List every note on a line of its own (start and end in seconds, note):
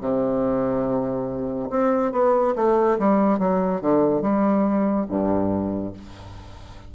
0.00 1.69 C3
1.70 2.12 C4
2.12 2.54 B3
2.55 2.98 A3
2.99 3.39 G3
3.39 3.81 F#3
3.81 4.21 D3
4.21 5.06 G3
5.09 5.93 G2